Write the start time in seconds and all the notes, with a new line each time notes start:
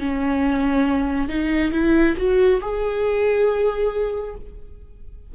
0.00 C#4
1.29 D#4
1.72 E4
2.17 F#4
2.62 G#4